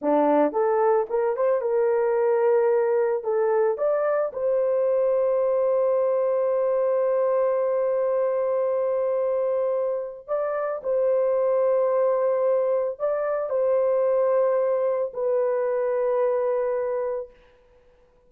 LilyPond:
\new Staff \with { instrumentName = "horn" } { \time 4/4 \tempo 4 = 111 d'4 a'4 ais'8 c''8 ais'4~ | ais'2 a'4 d''4 | c''1~ | c''1~ |
c''2. d''4 | c''1 | d''4 c''2. | b'1 | }